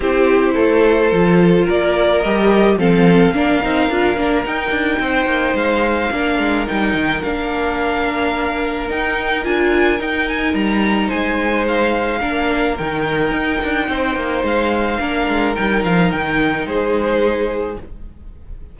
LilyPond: <<
  \new Staff \with { instrumentName = "violin" } { \time 4/4 \tempo 4 = 108 c''2. d''4 | dis''4 f''2. | g''2 f''2 | g''4 f''2. |
g''4 gis''4 g''8 gis''8 ais''4 | gis''4 f''2 g''4~ | g''2 f''2 | g''8 f''8 g''4 c''2 | }
  \new Staff \with { instrumentName = "violin" } { \time 4/4 g'4 a'2 ais'4~ | ais'4 a'4 ais'2~ | ais'4 c''2 ais'4~ | ais'1~ |
ais'1 | c''2 ais'2~ | ais'4 c''2 ais'4~ | ais'2 gis'2 | }
  \new Staff \with { instrumentName = "viola" } { \time 4/4 e'2 f'2 | g'4 c'4 d'8 dis'8 f'8 d'8 | dis'2. d'4 | dis'4 d'2. |
dis'4 f'4 dis'2~ | dis'2 d'4 dis'4~ | dis'2. d'4 | dis'1 | }
  \new Staff \with { instrumentName = "cello" } { \time 4/4 c'4 a4 f4 ais4 | g4 f4 ais8 c'8 d'8 ais8 | dis'8 d'8 c'8 ais8 gis4 ais8 gis8 | g8 dis8 ais2. |
dis'4 d'4 dis'4 g4 | gis2 ais4 dis4 | dis'8 d'8 c'8 ais8 gis4 ais8 gis8 | g8 f8 dis4 gis2 | }
>>